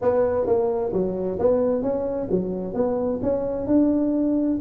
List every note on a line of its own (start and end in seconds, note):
0.01 0.46 B3
0.46 0.92 A#3
0.93 1.38 F#3
1.39 1.82 B3
1.82 2.28 C#4
2.30 2.74 F#3
2.74 3.19 B3
3.22 3.66 C#4
3.66 4.58 D4